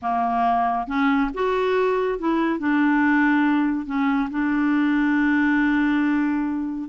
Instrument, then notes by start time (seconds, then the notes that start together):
clarinet
0.02 A#3
0.87 C#4
1.34 F#4
2.18 E4
2.59 D4
3.86 C#4
4.30 D4